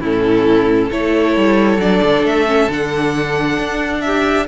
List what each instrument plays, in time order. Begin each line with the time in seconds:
0.00 cello A2, viola C#4, violin E4 A4
0.89 cello A3, viola E4, violin A4 C#5
1.37 cello G3
1.78 cello F#3, viola D4, violin D5
2.03 cello D3
2.23 cello A3, violin E5
2.47 viola C#4
2.69 cello D3, viola D4, violin F#5
3.58 cello D4
4.01 violin G4 E5